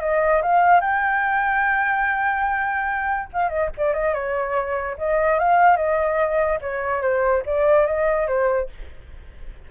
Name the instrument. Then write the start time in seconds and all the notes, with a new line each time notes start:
flute
0.00 D#5
0.42 F5
0.81 G5
3.33 F5
3.49 D#5
3.77 D5
3.93 D#5
4.13 C#5
4.98 D#5
5.39 F5
5.76 D#5
6.61 C#5
7.01 C5
7.46 D5
7.86 D#5
8.27 C5